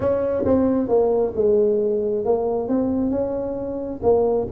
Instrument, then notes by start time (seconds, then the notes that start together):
tuba
0.00 C#4
0.45 C4
0.88 A#3
1.35 G#3
2.25 A#3
2.68 C4
3.10 C#4
4.02 A#3